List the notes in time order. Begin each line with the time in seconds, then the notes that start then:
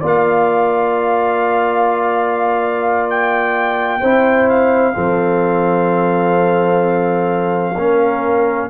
0.00 A#3 F4 D5
0.06 F5
3.10 G5
4.01 C4 E4 C5
4.49 F5
4.94 F3 C4 A4
7.75 A#3 C#4 A#4